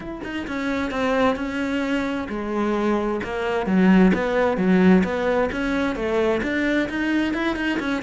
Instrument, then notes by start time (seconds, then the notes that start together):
cello
0.00 E4
0.23 D#4
0.47 C#4
0.90 C4
1.35 C#4
2.28 G#3
3.23 A#3
3.66 F#3
4.13 B3
4.57 F#3
5.04 B3
5.51 C#4
5.95 A3
6.42 D4
6.89 D#4
7.33 E4
7.56 D#4
7.79 C#4